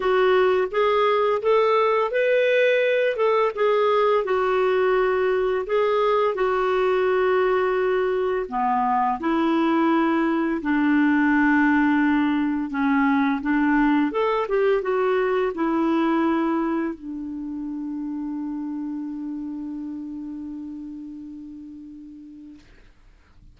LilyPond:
\new Staff \with { instrumentName = "clarinet" } { \time 4/4 \tempo 4 = 85 fis'4 gis'4 a'4 b'4~ | b'8 a'8 gis'4 fis'2 | gis'4 fis'2. | b4 e'2 d'4~ |
d'2 cis'4 d'4 | a'8 g'8 fis'4 e'2 | d'1~ | d'1 | }